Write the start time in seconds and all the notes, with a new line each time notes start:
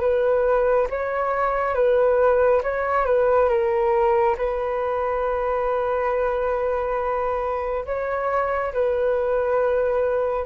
0.00 B4
0.89 C#5
1.74 B4
2.63 C#5
3.05 B4
3.49 A#4
4.37 B4
7.85 C#5
8.73 B4